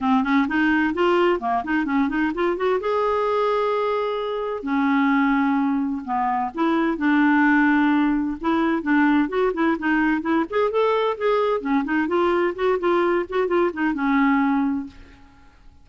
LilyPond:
\new Staff \with { instrumentName = "clarinet" } { \time 4/4 \tempo 4 = 129 c'8 cis'8 dis'4 f'4 ais8 dis'8 | cis'8 dis'8 f'8 fis'8 gis'2~ | gis'2 cis'2~ | cis'4 b4 e'4 d'4~ |
d'2 e'4 d'4 | fis'8 e'8 dis'4 e'8 gis'8 a'4 | gis'4 cis'8 dis'8 f'4 fis'8 f'8~ | f'8 fis'8 f'8 dis'8 cis'2 | }